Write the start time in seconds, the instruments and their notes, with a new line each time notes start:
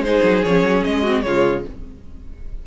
0.00 cello G#3, viola D#4, violin C5
0.06 violin G#4
0.23 cello F#3
0.44 cello F3, viola C#4, violin C#5
0.63 cello F#3
0.85 cello G#3, violin D#5
1.02 viola C4, violin F#4
1.22 cello C#3, viola G#3, violin F4 C#5